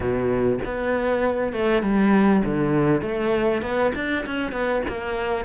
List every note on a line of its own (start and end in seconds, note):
0.00 0.59 B2
0.64 1.52 B3
1.52 1.82 A3
1.82 2.43 G3
2.44 3.01 D3
3.01 3.62 A3
3.62 3.92 B3
3.94 4.25 D4
4.26 4.52 C#4
4.52 4.82 B3
4.88 5.45 A#3